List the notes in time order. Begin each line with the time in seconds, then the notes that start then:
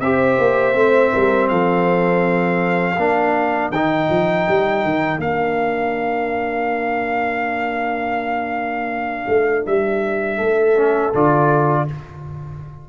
0.00 C4 G4 C5 E5
0.38 A#3
0.74 A3 C4
1.12 G3 A#4
1.49 F3 A4 F5
2.97 A#3 D4 A#4
3.71 D#3 D#4 G5
4.10 F3
4.48 G3
4.84 D#3
5.18 A#3 D4 F5
9.28 A3
9.66 G3 E5
10.37 A3 A4
10.76 C#4
11.13 D3 F4 D5